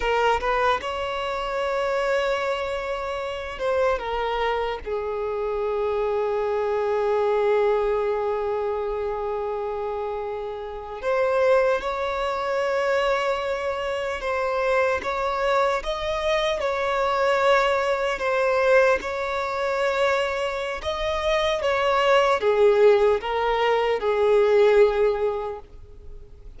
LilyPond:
\new Staff \with { instrumentName = "violin" } { \time 4/4 \tempo 4 = 75 ais'8 b'8 cis''2.~ | cis''8 c''8 ais'4 gis'2~ | gis'1~ | gis'4.~ gis'16 c''4 cis''4~ cis''16~ |
cis''4.~ cis''16 c''4 cis''4 dis''16~ | dis''8. cis''2 c''4 cis''16~ | cis''2 dis''4 cis''4 | gis'4 ais'4 gis'2 | }